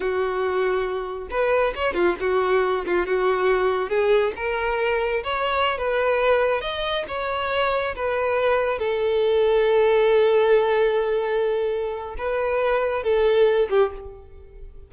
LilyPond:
\new Staff \with { instrumentName = "violin" } { \time 4/4 \tempo 4 = 138 fis'2. b'4 | cis''8 f'8 fis'4. f'8 fis'4~ | fis'4 gis'4 ais'2 | cis''4~ cis''16 b'2 dis''8.~ |
dis''16 cis''2 b'4.~ b'16~ | b'16 a'2.~ a'8.~ | a'1 | b'2 a'4. g'8 | }